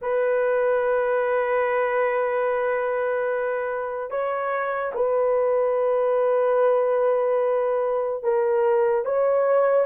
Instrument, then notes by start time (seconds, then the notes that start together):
horn
0.01 B4
4.10 C#5
4.94 B4
8.23 A#4
9.05 C#5